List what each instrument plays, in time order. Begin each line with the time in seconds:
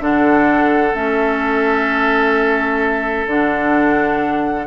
0.00 bassoon D3, clarinet D4, oboe A4, flute F#5
0.94 bassoon A3, clarinet C#4, flute E5
3.27 bassoon D3, clarinet D4, flute F#5